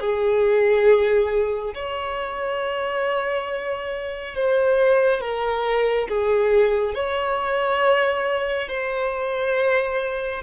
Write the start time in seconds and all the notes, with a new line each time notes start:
0.00 G#4
1.75 C#5
4.35 C5
5.21 A#4
6.08 G#4
6.94 C#5
8.68 C5